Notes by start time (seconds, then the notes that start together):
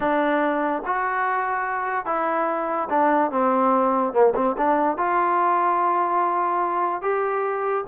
0.00 D4
0.85 F#4
2.05 E4
2.89 D4
3.31 C4
4.13 A#3
4.35 C4
4.57 D4
4.97 F4
7.01 G4